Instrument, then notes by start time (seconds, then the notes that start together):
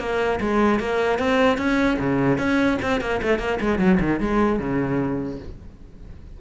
cello
0.00 A#3
0.41 G#3
0.80 A#3
1.19 C4
1.58 C#4
2.00 C#3
2.38 C#4
2.82 C4
3.01 A#3
3.23 A3
3.39 A#3
3.61 G#3
3.79 F#3
4.01 D#3
4.20 G#3
4.60 C#3